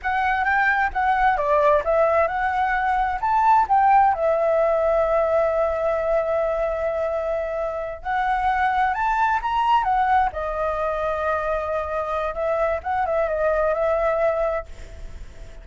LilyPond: \new Staff \with { instrumentName = "flute" } { \time 4/4 \tempo 4 = 131 fis''4 g''4 fis''4 d''4 | e''4 fis''2 a''4 | g''4 e''2.~ | e''1~ |
e''4. fis''2 a''8~ | a''8 ais''4 fis''4 dis''4.~ | dis''2. e''4 | fis''8 e''8 dis''4 e''2 | }